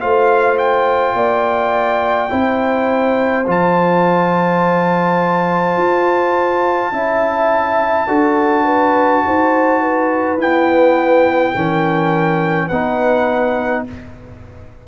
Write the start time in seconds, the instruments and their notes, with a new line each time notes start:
0.00 tuba A3, trombone F4, horn C5, trumpet F5
0.58 trumpet G5
1.14 tuba A#3, horn D5
2.30 tuba C4, trombone E4, horn C5
3.47 tuba F3, trombone F4, trumpet A5
5.77 tuba F4
6.92 tuba C#4, trombone E4, horn E5
8.08 tuba D4, trombone F#4, horn A4
8.64 horn B4
9.26 tuba D#4, horn C5
9.81 horn B4
10.37 trombone B3, tuba E4, trumpet G5
11.55 tuba E3, trombone C#4, horn A#4
12.68 tuba B3, trombone D#4, horn B4, trumpet F#5